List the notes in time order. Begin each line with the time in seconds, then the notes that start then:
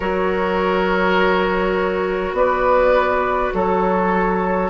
0.00 F#3 F#4 A#4 C#5
2.33 B3 B4 D5
3.54 F#3 A4 C#5